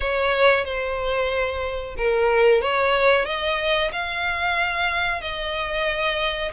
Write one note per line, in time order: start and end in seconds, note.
0.00 0.64 C#5
0.64 1.95 C5
1.97 2.61 A#4
2.61 3.25 C#5
3.25 3.90 D#5
3.92 5.21 F5
5.21 6.51 D#5